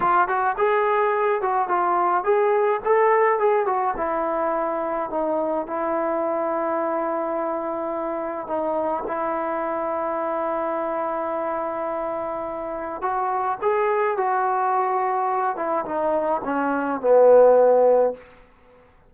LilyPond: \new Staff \with { instrumentName = "trombone" } { \time 4/4 \tempo 4 = 106 f'8 fis'8 gis'4. fis'8 f'4 | gis'4 a'4 gis'8 fis'8 e'4~ | e'4 dis'4 e'2~ | e'2. dis'4 |
e'1~ | e'2. fis'4 | gis'4 fis'2~ fis'8 e'8 | dis'4 cis'4 b2 | }